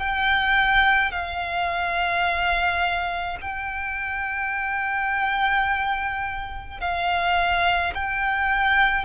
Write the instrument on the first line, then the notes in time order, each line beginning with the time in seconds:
violin
0.00 G5
1.12 F5
3.42 G5
6.81 F5
7.95 G5